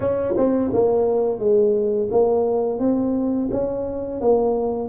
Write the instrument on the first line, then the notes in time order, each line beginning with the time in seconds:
tuba
0.00 C#4
0.36 C4
0.73 A#3
1.39 G#3
2.11 A#3
2.79 C4
3.51 C#4
4.20 A#3